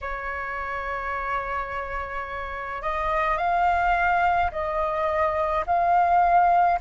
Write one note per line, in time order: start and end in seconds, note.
0.01 2.81 C#5
2.81 3.37 D#5
3.37 4.50 F5
4.51 5.64 D#5
5.66 6.79 F5